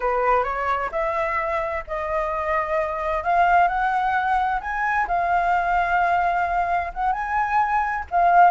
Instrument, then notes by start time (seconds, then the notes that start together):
flute
0.00 B4
0.43 C#5
0.91 E5
1.87 D#5
3.23 F5
3.68 F#5
4.60 G#5
5.07 F5
6.93 F#5
7.12 G#5
8.10 F5